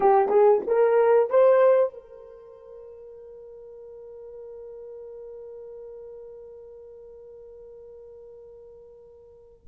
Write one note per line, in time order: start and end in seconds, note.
0.00 0.28 G4
0.28 0.61 G#4
0.66 1.30 A#4
1.30 1.93 C5
1.93 9.67 A#4